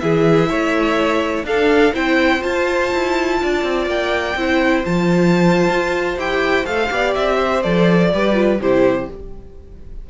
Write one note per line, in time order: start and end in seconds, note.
0.00 0.51 E3
0.00 1.46 E4
0.00 0.49 G#4
0.00 1.45 E5
0.49 1.44 A3
0.49 1.46 C#5
1.44 1.92 D4
1.44 1.94 D4
1.44 1.93 A4
1.44 1.95 F5
1.93 2.42 C4
1.93 2.40 E4
1.93 3.39 C5
1.93 2.43 G5
2.40 4.33 F4
2.40 2.93 F4
2.40 3.88 A5
2.93 3.42 E4
3.42 3.63 D4
3.42 4.39 D5
3.63 3.86 C4
3.86 4.35 A#3
3.86 4.85 G5
4.35 4.83 C4
4.35 4.84 E4
4.35 6.94 C5
4.84 5.69 F3
4.84 6.17 F4
4.84 6.18 A5
5.69 6.17 F4
6.17 6.66 E4
6.17 6.65 G4
6.17 6.66 G5
6.65 6.90 A3
6.65 6.89 A4
6.65 7.14 F5
6.90 7.15 B3
6.90 7.62 G4
6.90 7.36 D5
7.14 7.65 C4
7.14 7.62 E5
7.36 8.09 C5
7.62 8.13 F3
7.62 8.12 A4
7.62 8.59 D5
8.13 8.60 G3
8.13 8.34 G4
8.13 8.61 B4
8.34 8.58 F4
8.60 9.08 C3
8.60 9.10 E4
8.60 9.09 G4
8.60 9.10 C5